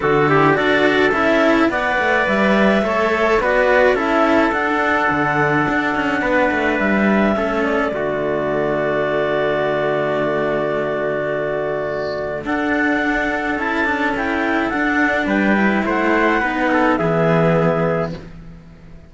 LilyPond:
<<
  \new Staff \with { instrumentName = "clarinet" } { \time 4/4 \tempo 4 = 106 a'4 d''4 e''4 fis''4 | e''2 d''4 e''4 | fis''1 | e''4. d''2~ d''8~ |
d''1~ | d''2 fis''2 | a''4 g''4 fis''4 g''4 | fis''2 e''2 | }
  \new Staff \with { instrumentName = "trumpet" } { \time 4/4 fis'8 g'8 a'2 d''4~ | d''4 cis''4 b'4 a'4~ | a'2. b'4~ | b'4 a'4 fis'2~ |
fis'1~ | fis'2 a'2~ | a'2. b'4 | c''4 b'8 a'8 gis'2 | }
  \new Staff \with { instrumentName = "cello" } { \time 4/4 d'8 e'8 fis'4 e'4 b'4~ | b'4 a'4 fis'4 e'4 | d'1~ | d'4 cis'4 a2~ |
a1~ | a2 d'2 | e'8 d'8 e'4 d'4. e'8~ | e'4 dis'4 b2 | }
  \new Staff \with { instrumentName = "cello" } { \time 4/4 d4 d'4 cis'4 b8 a8 | g4 a4 b4 cis'4 | d'4 d4 d'8 cis'8 b8 a8 | g4 a4 d2~ |
d1~ | d2 d'2 | cis'2 d'4 g4 | a4 b4 e2 | }
>>